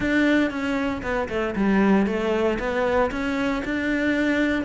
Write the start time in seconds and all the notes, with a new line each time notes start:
0.00 D4
0.50 C#4
1.02 B3
1.28 A3
1.55 G3
2.06 A3
2.59 B3
3.11 C#4
3.64 D4